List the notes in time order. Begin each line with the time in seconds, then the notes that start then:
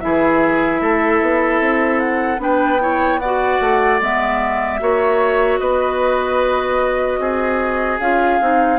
0.00 E3 E4 G#4 E5
0.81 A3 A4
1.21 B3
1.61 C4
2.00 F#5
2.38 B3 D4 B4 G5
2.81 E4 C#5
3.20 F#4 D5 F#5
3.61 A3
4.01 G#3 B3 E5
4.80 A#3 F#4 C#5
5.59 B3 B4 D#5
7.19 C4 G#4
8.00 C#4 F4 F5
8.41 C4 D#4